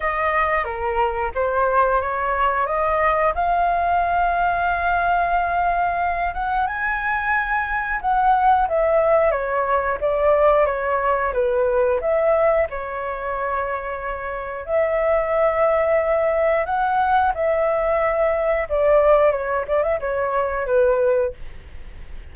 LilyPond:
\new Staff \with { instrumentName = "flute" } { \time 4/4 \tempo 4 = 90 dis''4 ais'4 c''4 cis''4 | dis''4 f''2.~ | f''4. fis''8 gis''2 | fis''4 e''4 cis''4 d''4 |
cis''4 b'4 e''4 cis''4~ | cis''2 e''2~ | e''4 fis''4 e''2 | d''4 cis''8 d''16 e''16 cis''4 b'4 | }